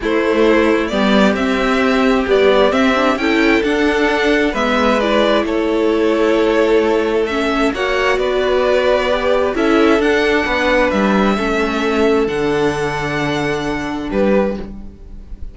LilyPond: <<
  \new Staff \with { instrumentName = "violin" } { \time 4/4 \tempo 4 = 132 c''2 d''4 e''4~ | e''4 d''4 e''4 g''4 | fis''2 e''4 d''4 | cis''1 |
e''4 fis''4 d''2~ | d''4 e''4 fis''2 | e''2. fis''4~ | fis''2. b'4 | }
  \new Staff \with { instrumentName = "violin" } { \time 4/4 e'2 g'2~ | g'2. a'4~ | a'2 b'2 | a'1~ |
a'4 cis''4 b'2~ | b'4 a'2 b'4~ | b'4 a'2.~ | a'2. g'4 | }
  \new Staff \with { instrumentName = "viola" } { \time 4/4 a2 b4 c'4~ | c'4 g4 c'8 d'8 e'4 | d'2 b4 e'4~ | e'1 |
cis'4 fis'2. | g'4 e'4 d'2~ | d'4 cis'2 d'4~ | d'1 | }
  \new Staff \with { instrumentName = "cello" } { \time 4/4 a2 g4 c'4~ | c'4 b4 c'4 cis'4 | d'2 gis2 | a1~ |
a4 ais4 b2~ | b4 cis'4 d'4 b4 | g4 a2 d4~ | d2. g4 | }
>>